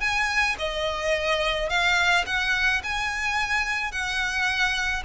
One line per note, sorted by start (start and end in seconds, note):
0.00 0.56 G#5
0.58 1.69 D#5
1.69 2.25 F5
2.26 2.82 F#5
2.83 3.92 G#5
3.92 5.03 F#5